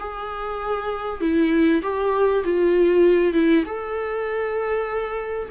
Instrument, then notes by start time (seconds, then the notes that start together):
viola
0.00 G#4
1.21 E4
1.83 G4
2.44 F4
3.33 E4
3.66 A4